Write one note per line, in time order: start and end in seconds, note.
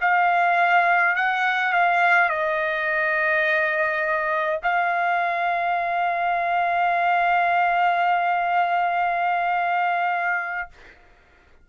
0.00 1.15 F5
1.15 1.73 F#5
1.73 2.29 F5
2.29 4.59 D#5
4.63 10.68 F5